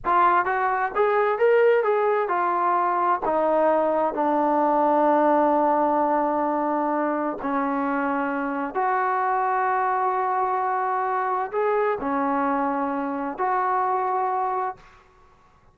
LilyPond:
\new Staff \with { instrumentName = "trombone" } { \time 4/4 \tempo 4 = 130 f'4 fis'4 gis'4 ais'4 | gis'4 f'2 dis'4~ | dis'4 d'2.~ | d'1 |
cis'2. fis'4~ | fis'1~ | fis'4 gis'4 cis'2~ | cis'4 fis'2. | }